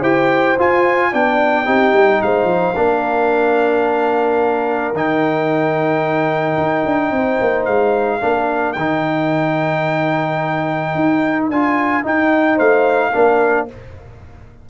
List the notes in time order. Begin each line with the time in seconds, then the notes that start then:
0.00 E4 G4 C5 G5
0.59 F4 G#5
1.11 B3 D4 D5 G5
1.65 C4 D#4 G4
1.93 G3
2.22 G#3 C5 F5
2.44 F3
2.76 A#3 D4 A#4
4.93 D#3 D#4 G5
6.57 D#4
6.85 D4
7.11 C4 C5
7.41 A#3
7.65 G#3 F5
8.20 A#3 D4 A#4
8.73 D#3 G5
8.79 D#4
10.95 D#4
11.50 D4 F4 G#5
12.03 D#4 G5
12.55 A3 C5 F5
13.14 A#3 D4 A#4